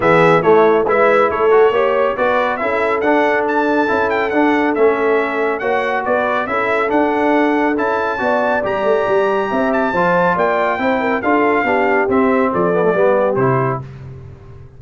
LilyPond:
<<
  \new Staff \with { instrumentName = "trumpet" } { \time 4/4 \tempo 4 = 139 e''4 cis''4 e''4 cis''4~ | cis''4 d''4 e''4 fis''4 | a''4. g''8 fis''4 e''4~ | e''4 fis''4 d''4 e''4 |
fis''2 a''2 | ais''2~ ais''8 a''4. | g''2 f''2 | e''4 d''2 c''4 | }
  \new Staff \with { instrumentName = "horn" } { \time 4/4 gis'4 e'4 b'4 a'4 | cis''4 b'4 a'2~ | a'1~ | a'4 cis''4 b'4 a'4~ |
a'2. d''4~ | d''2 e''4 c''4 | d''4 c''8 ais'8 a'4 g'4~ | g'4 a'4 g'2 | }
  \new Staff \with { instrumentName = "trombone" } { \time 4/4 b4 a4 e'4. fis'8 | g'4 fis'4 e'4 d'4~ | d'4 e'4 d'4 cis'4~ | cis'4 fis'2 e'4 |
d'2 e'4 fis'4 | g'2. f'4~ | f'4 e'4 f'4 d'4 | c'4. b16 a16 b4 e'4 | }
  \new Staff \with { instrumentName = "tuba" } { \time 4/4 e4 a4 gis4 a4 | ais4 b4 cis'4 d'4~ | d'4 cis'4 d'4 a4~ | a4 ais4 b4 cis'4 |
d'2 cis'4 b4 | g8 a8 g4 c'4 f4 | ais4 c'4 d'4 b4 | c'4 f4 g4 c4 | }
>>